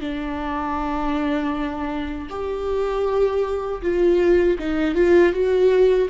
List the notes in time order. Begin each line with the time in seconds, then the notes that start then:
0.00 D4
2.29 G4
3.81 F4
4.58 D#4
4.95 F4
5.32 F#4